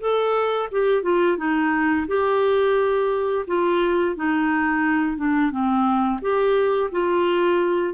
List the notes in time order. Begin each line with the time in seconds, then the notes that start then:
0.00 A4
0.71 G4
1.03 F4
1.37 D#4
2.07 G4
3.47 F4
4.16 D#4
5.17 D4
5.51 C4
6.21 G4
6.92 F4